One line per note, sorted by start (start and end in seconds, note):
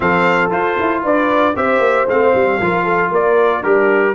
0.00 0.51 F3
0.00 0.50 C4
0.00 1.03 A4
0.00 0.51 F5
0.50 1.53 F4
0.50 0.77 F4
0.50 1.03 C5
0.79 1.03 E4
1.03 1.55 D4
1.03 1.55 B4
1.03 1.56 D5
1.55 1.78 C4
1.55 2.07 G4
1.55 2.59 C5
1.55 2.08 E5
1.78 2.04 A#3
2.07 2.33 A3
2.07 2.61 C4
2.07 3.12 F5
2.34 2.60 G3
2.60 3.10 F3
2.60 3.63 F4
2.60 2.84 A#4
2.84 3.10 A4
3.10 3.62 A#3
3.10 3.61 A#4
3.10 3.63 D5
3.61 4.14 G3
3.61 4.12 D4
3.61 4.14 G4
3.61 4.14 A#4